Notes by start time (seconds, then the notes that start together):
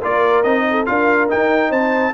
0.00 A#3 F4 A#4 D5
0.43 C4 D#4 D#5
0.71 A4
0.86 D4 F4 A#4 F5
1.29 D#4 G5
1.70 C4 C5 A5